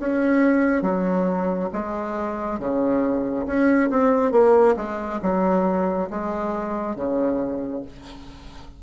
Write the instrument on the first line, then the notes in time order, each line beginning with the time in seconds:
bassoon
0.00 C#4
0.83 F#3
1.73 G#3
2.60 C#3
3.47 C#4
3.91 C4
4.32 A#3
4.77 G#3
5.23 F#3
6.10 G#3
6.96 C#3